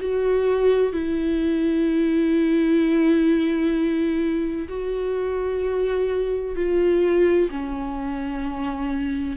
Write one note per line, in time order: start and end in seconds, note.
0.00 0.92 F#4
0.92 4.67 E4
4.68 6.55 F#4
6.55 7.49 F4
7.50 9.37 C#4